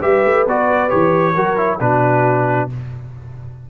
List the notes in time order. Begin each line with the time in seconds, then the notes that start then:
0.00 G3 G4 B4 E5
0.25 A3
0.47 B3 F#4 D5
0.89 E3 G4 C#5
1.34 F#3 F#4 A#4
1.57 E4
1.79 B2 D4 F#4 B4